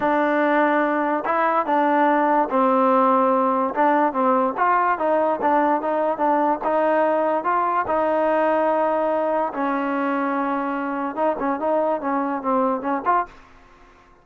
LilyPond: \new Staff \with { instrumentName = "trombone" } { \time 4/4 \tempo 4 = 145 d'2. e'4 | d'2 c'2~ | c'4 d'4 c'4 f'4 | dis'4 d'4 dis'4 d'4 |
dis'2 f'4 dis'4~ | dis'2. cis'4~ | cis'2. dis'8 cis'8 | dis'4 cis'4 c'4 cis'8 f'8 | }